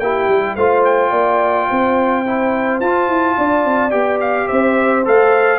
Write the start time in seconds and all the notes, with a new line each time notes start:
0.00 A#3 E4 G4 G5
0.29 G3
0.56 A3 F4 C5 F5
0.85 G5
1.11 A#3 D5
1.70 C4 C5
2.27 E4
2.80 F4 A5
3.09 E4
3.38 D4 D5
3.65 C4
3.91 B3 G4 G5
4.21 F5
4.47 C4 C5 E5
5.05 A3 A4 F5